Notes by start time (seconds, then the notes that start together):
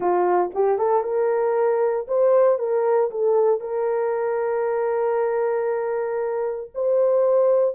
0.00 F4
0.54 G4
0.78 A4
1.03 A#4
2.07 C5
2.58 A#4
3.10 A4
3.60 A#4
6.74 C5